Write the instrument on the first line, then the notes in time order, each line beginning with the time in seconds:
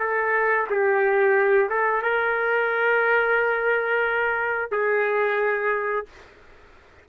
trumpet
0.00 A4
0.70 G4
1.70 A4
2.03 A#4
4.71 G#4